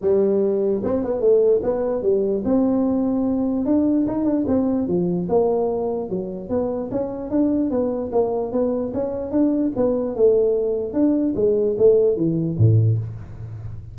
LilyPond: \new Staff \with { instrumentName = "tuba" } { \time 4/4 \tempo 4 = 148 g2 c'8 b8 a4 | b4 g4 c'2~ | c'4 d'4 dis'8 d'8 c'4 | f4 ais2 fis4 |
b4 cis'4 d'4 b4 | ais4 b4 cis'4 d'4 | b4 a2 d'4 | gis4 a4 e4 a,4 | }